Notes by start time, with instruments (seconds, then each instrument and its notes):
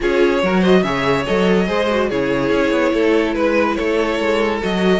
0.00 cello C#4, viola F4, violin G#4 C#5
0.42 cello F#3, viola F#4, violin A#4
0.60 violin C5 D#5
0.82 cello C#3, viola G#4, violin C#5 E5
1.26 cello F#3, viola A4, violin D#5
1.66 cello G#3, viola G#4, violin C5
1.90 viola F#4
2.09 cello C#3, viola E4, violin G#4 C#5
2.51 cello C#4
2.71 cello B3
2.93 cello A3, violin A4
3.34 cello G#3, violin B4
3.75 cello A3, violin A4 C#5
4.19 cello G#3
4.62 cello F#3, viola F#4, violin D#5